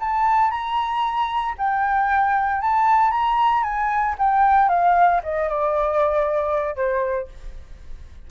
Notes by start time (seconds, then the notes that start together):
0.00 A5
0.51 A#5
1.58 G5
2.61 A5
3.11 A#5
3.63 G#5
4.19 G5
4.69 F5
5.24 D#5
5.49 D5
6.76 C5